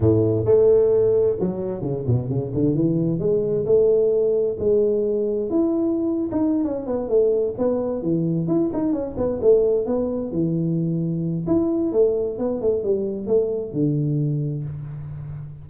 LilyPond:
\new Staff \with { instrumentName = "tuba" } { \time 4/4 \tempo 4 = 131 a,4 a2 fis4 | cis8 b,8 cis8 d8 e4 gis4 | a2 gis2 | e'4.~ e'16 dis'8. cis'8 b8 a8~ |
a8 b4 e4 e'8 dis'8 cis'8 | b8 a4 b4 e4.~ | e4 e'4 a4 b8 a8 | g4 a4 d2 | }